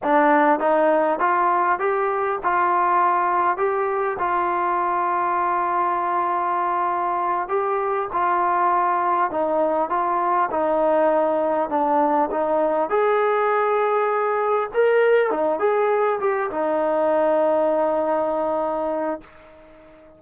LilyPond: \new Staff \with { instrumentName = "trombone" } { \time 4/4 \tempo 4 = 100 d'4 dis'4 f'4 g'4 | f'2 g'4 f'4~ | f'1~ | f'8 g'4 f'2 dis'8~ |
dis'8 f'4 dis'2 d'8~ | d'8 dis'4 gis'2~ gis'8~ | gis'8 ais'4 dis'8 gis'4 g'8 dis'8~ | dis'1 | }